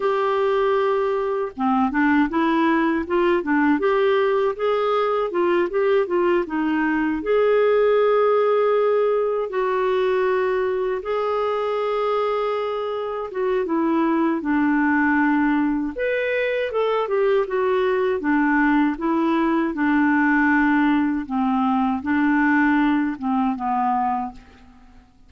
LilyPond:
\new Staff \with { instrumentName = "clarinet" } { \time 4/4 \tempo 4 = 79 g'2 c'8 d'8 e'4 | f'8 d'8 g'4 gis'4 f'8 g'8 | f'8 dis'4 gis'2~ gis'8~ | gis'8 fis'2 gis'4.~ |
gis'4. fis'8 e'4 d'4~ | d'4 b'4 a'8 g'8 fis'4 | d'4 e'4 d'2 | c'4 d'4. c'8 b4 | }